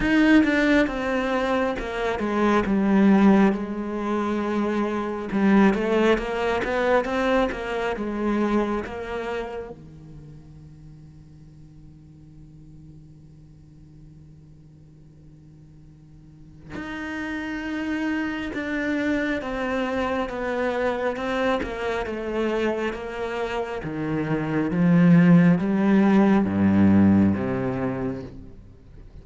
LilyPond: \new Staff \with { instrumentName = "cello" } { \time 4/4 \tempo 4 = 68 dis'8 d'8 c'4 ais8 gis8 g4 | gis2 g8 a8 ais8 b8 | c'8 ais8 gis4 ais4 dis4~ | dis1~ |
dis2. dis'4~ | dis'4 d'4 c'4 b4 | c'8 ais8 a4 ais4 dis4 | f4 g4 g,4 c4 | }